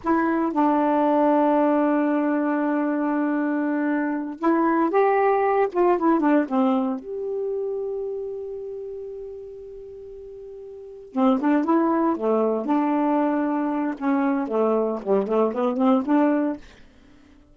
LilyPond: \new Staff \with { instrumentName = "saxophone" } { \time 4/4 \tempo 4 = 116 e'4 d'2.~ | d'1~ | d'8 e'4 g'4. f'8 e'8 | d'8 c'4 g'2~ g'8~ |
g'1~ | g'4. c'8 d'8 e'4 a8~ | a8 d'2~ d'8 cis'4 | a4 g8 a8 b8 c'8 d'4 | }